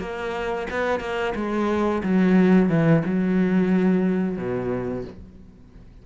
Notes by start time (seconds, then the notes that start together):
0.00 A#3
0.70 B3
1.00 A#3
1.35 G#3
2.03 F#3
2.69 E3
3.05 F#3
4.37 B2